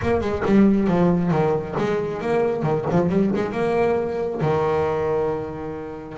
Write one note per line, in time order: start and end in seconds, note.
0.02 0.20 A#3
0.20 0.43 G#3
0.45 0.87 G3
0.87 1.31 F3
1.31 1.75 D#3
1.78 2.21 G#3
2.21 2.62 A#3
2.62 2.85 D#3
2.90 3.09 F3
3.09 3.31 G3
3.35 3.52 G#3
3.52 4.40 A#3
4.41 6.17 D#3